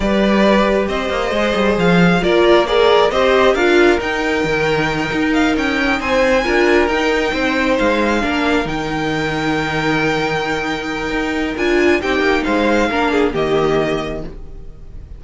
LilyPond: <<
  \new Staff \with { instrumentName = "violin" } { \time 4/4 \tempo 4 = 135 d''2 dis''2 | f''4 d''4 ais'4 dis''4 | f''4 g''2. | f''8 g''4 gis''2 g''8~ |
g''4. f''2 g''8~ | g''1~ | g''2 gis''4 g''4 | f''2 dis''2 | }
  \new Staff \with { instrumentName = "violin" } { \time 4/4 b'2 c''2~ | c''4 ais'4 d''4 c''4 | ais'1~ | ais'4. c''4 ais'4.~ |
ais'8 c''2 ais'4.~ | ais'1~ | ais'2. g'4 | c''4 ais'8 gis'8 g'2 | }
  \new Staff \with { instrumentName = "viola" } { \time 4/4 g'2. gis'4~ | gis'4 f'4 gis'4 g'4 | f'4 dis'2.~ | dis'2~ dis'8 f'4 dis'8~ |
dis'2~ dis'8 d'4 dis'8~ | dis'1~ | dis'2 f'4 dis'4~ | dis'4 d'4 ais2 | }
  \new Staff \with { instrumentName = "cello" } { \time 4/4 g2 c'8 ais8 gis8 g8 | f4 ais2 c'4 | d'4 dis'4 dis4. dis'8~ | dis'8 cis'4 c'4 d'4 dis'8~ |
dis'8 c'4 gis4 ais4 dis8~ | dis1~ | dis4 dis'4 d'4 c'8 ais8 | gis4 ais4 dis2 | }
>>